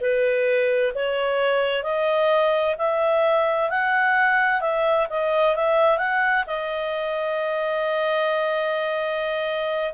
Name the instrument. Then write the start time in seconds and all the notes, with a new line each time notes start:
clarinet
0.00 B4
0.94 C#5
1.83 D#5
2.77 E5
3.69 F#5
4.61 E5
5.09 D#5
5.55 E5
5.98 F#5
6.47 D#5